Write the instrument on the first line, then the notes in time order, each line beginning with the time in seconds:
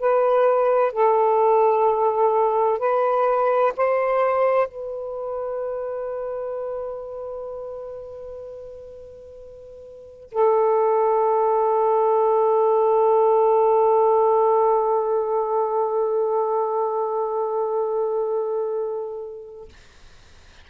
saxophone
0.00 B4
0.92 A4
2.79 B4
3.77 C5
4.68 B4
10.32 A4